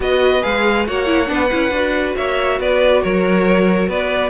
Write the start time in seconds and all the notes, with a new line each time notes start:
0.00 B3 F#4 B4 D#5
0.41 G#3 G#4 F5
0.86 A#3 F#4 C#5 F#5
1.05 E4
1.26 B3 D4 B4
1.51 C#4 E4
1.71 D4 F#4
2.16 A#3 C#5 E5
2.59 B3 B4 D5
3.02 F#3 A#4 C#5
3.88 B3 B4 D5